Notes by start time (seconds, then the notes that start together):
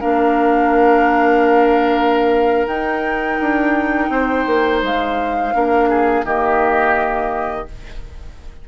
0.00 A#3 D4 A#4 F5
2.67 D#4 G5
3.41 D4
4.09 C4 C5
4.47 A#3
4.82 G#3 F5
5.53 A#3 D4 A#4
5.90 G#4
6.24 D#3 A#3 G4 D#5